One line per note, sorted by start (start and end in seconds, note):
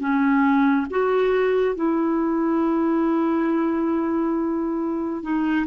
0.00 0.87 C#4
0.91 1.76 F#4
1.76 5.23 E4
5.23 5.66 D#4